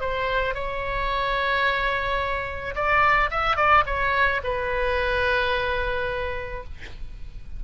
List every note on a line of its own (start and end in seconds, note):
0.00 0.54 C5
0.54 2.74 C#5
2.75 3.30 D5
3.30 3.56 E5
3.56 3.84 D5
3.86 4.41 C#5
4.43 6.64 B4